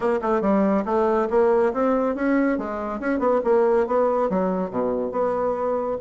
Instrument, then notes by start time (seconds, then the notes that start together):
bassoon
0.00 A#3
0.21 A3
0.41 G3
0.85 A3
1.30 A#3
1.73 C4
2.15 C#4
2.57 G#3
3.00 C#4
3.19 B3
3.44 A#3
3.86 B3
4.29 F#3
4.70 B2
5.11 B3